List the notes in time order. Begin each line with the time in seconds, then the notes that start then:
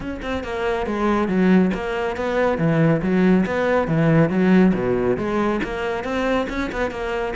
0.00 C#4
0.22 C4
0.43 A#3
0.86 G#3
1.28 F#3
1.74 A#3
2.16 B3
2.58 E3
3.02 F#3
3.46 B3
3.87 E3
4.29 F#3
4.74 B2
5.17 G#3
5.63 A#3
6.03 C4
6.49 C#4
6.71 B3
6.90 A#3